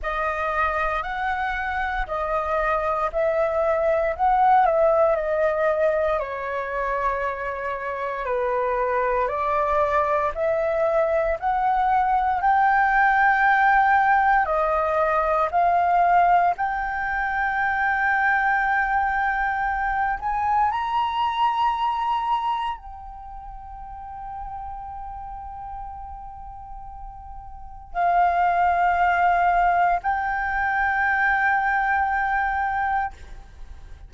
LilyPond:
\new Staff \with { instrumentName = "flute" } { \time 4/4 \tempo 4 = 58 dis''4 fis''4 dis''4 e''4 | fis''8 e''8 dis''4 cis''2 | b'4 d''4 e''4 fis''4 | g''2 dis''4 f''4 |
g''2.~ g''8 gis''8 | ais''2 g''2~ | g''2. f''4~ | f''4 g''2. | }